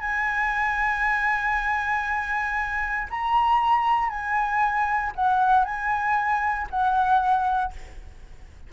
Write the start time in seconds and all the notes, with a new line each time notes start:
0.00 G#5
3.10 A#5
4.09 G#5
5.15 F#5
5.65 G#5
6.70 F#5